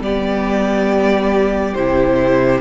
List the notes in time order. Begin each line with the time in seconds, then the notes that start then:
0.00 G3 B3 G4 D5
1.74 C3 E4 C5